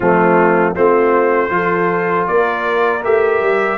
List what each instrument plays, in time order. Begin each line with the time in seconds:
0.00 tuba F3, trombone A3, horn C4, trumpet F4
0.74 tuba A3, trombone C4, horn F4, trumpet C5
1.49 tuba F3, trombone F4, horn A4
2.27 tuba A#3, horn A#4, trumpet D5
3.03 tuba A3, trombone G4, trumpet E5
3.41 tuba G3